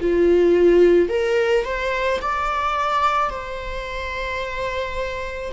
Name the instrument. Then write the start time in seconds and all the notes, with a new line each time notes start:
viola
0.00 F4
1.09 A#4
1.65 C5
2.21 D5
3.30 C5